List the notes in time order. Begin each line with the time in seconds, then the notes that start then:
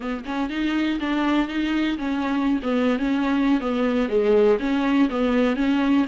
0.00 B3
0.25 C#4
0.49 D#4
1.00 D4
1.47 D#4
1.98 C#4
2.62 B3
2.98 C#4
3.60 B3
4.09 G#3
4.59 C#4
5.09 B3
5.56 C#4